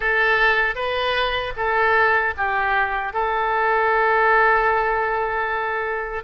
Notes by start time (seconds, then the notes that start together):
0.00 A4
0.75 B4
1.56 A4
2.37 G4
3.13 A4